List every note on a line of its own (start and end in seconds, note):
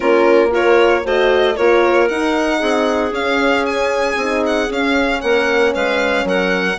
0.00 1.05 A#3
0.00 0.50 C#4
0.00 0.50 F4
0.00 0.52 A#4
0.50 1.03 F4
0.50 1.02 A#4
0.50 1.06 C#5
1.03 1.57 A3
1.03 1.56 F#4
1.03 1.56 C5
1.03 1.56 D#5
1.56 2.10 A#3
1.56 2.08 F4
1.56 2.59 A#4
1.56 2.08 C#5
2.08 3.13 D#4
2.08 2.61 D#4
2.08 3.12 F#5
2.59 3.11 C4
2.59 5.20 G#4
3.11 4.15 C#4
3.11 4.19 C#4
3.11 3.65 F5
3.65 4.43 G#5
4.16 4.68 C4
4.16 4.67 D#4
4.45 4.72 F#5
4.67 6.76 C#4
4.67 5.22 C#4
4.67 5.21 F5
5.21 5.75 A#3
5.21 5.73 A#4
5.21 5.73 F#5
5.73 6.24 G#3
5.73 6.25 B4
5.73 6.27 F5
6.24 6.76 F#3
6.24 6.78 A#4
6.24 6.78 F#5